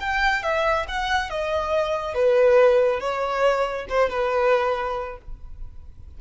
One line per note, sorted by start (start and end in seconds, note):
0.00 0.43 G5
0.43 0.86 E5
0.88 1.30 F#5
1.30 2.15 D#5
2.15 3.00 B4
3.00 3.86 C#5
3.89 4.10 C5
4.10 5.18 B4